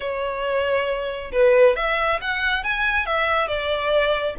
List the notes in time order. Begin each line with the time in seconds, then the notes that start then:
0.00 C#5
1.32 B4
1.76 E5
2.21 F#5
2.63 G#5
3.06 E5
3.47 D5